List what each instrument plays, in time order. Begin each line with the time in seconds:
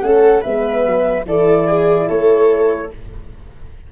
0.00 tuba A3, horn C#4, viola A4, flute F#5
0.41 tuba G#3, horn B3, viola B4, flute E5
0.85 tuba F#3
1.25 tuba E3, horn E4, viola A4, flute D5
1.67 viola G#4
2.08 tuba A3, viola A4, flute C#5